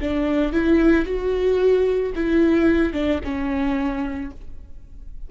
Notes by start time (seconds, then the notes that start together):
0.00 D4
0.52 E4
1.05 F#4
2.15 E4
2.93 D4
3.23 C#4